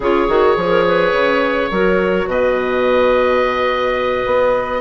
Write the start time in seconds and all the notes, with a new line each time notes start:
0.00 C#3 F4 G#4 C#5
0.28 D#3 F#4
0.56 F3 G#4
0.69 A#4
0.87 B4
1.12 C#3
1.70 F#3 F#4 A#4
2.26 B2 B4 D#5
4.25 B3